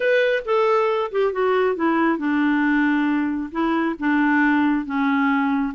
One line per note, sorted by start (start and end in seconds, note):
0.00 0.43 B4
0.45 1.11 A4
1.11 1.32 G4
1.32 1.75 F#4
1.75 2.17 E4
2.17 3.50 D4
3.51 3.95 E4
3.99 4.85 D4
4.85 5.73 C#4